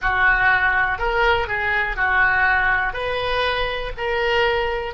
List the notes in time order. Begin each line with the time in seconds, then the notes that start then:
0.01 F#4
0.98 A#4
1.47 G#4
1.96 F#4
2.93 B4
3.97 A#4